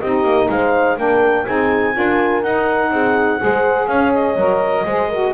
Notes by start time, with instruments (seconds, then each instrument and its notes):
0.00 double bass C4, saxophone D#4, horn G4, clarinet D#5
0.24 double bass A#3
0.49 double bass G#3, horn C5, clarinet F5
0.97 double bass A#3, saxophone D4, horn A#4, clarinet G5
1.46 double bass C4, saxophone D#4, horn G#4, clarinet G#5
1.94 double bass D4, saxophone F4, horn A#4
2.43 saxophone D#4, double bass D#4, clarinet F#5
2.91 double bass C4, horn G#4
3.39 double bass G#3, saxophone G#4, horn C5
3.87 double bass C#4, horn C#5, clarinet F5
4.14 clarinet D#5
4.36 double bass F#3, saxophone A#4
4.86 double bass G#3, saxophone G#4, horn C5
5.09 saxophone F#4, horn A#4